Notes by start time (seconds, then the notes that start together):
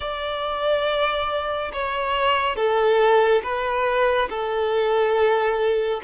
0.00 D5
1.72 C#5
2.56 A4
3.43 B4
4.29 A4